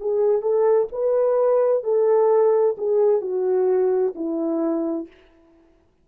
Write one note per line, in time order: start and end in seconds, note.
0.00 0.41 G#4
0.41 0.87 A4
0.91 1.83 B4
1.83 2.76 A4
2.78 3.21 G#4
3.21 4.13 F#4
4.15 5.07 E4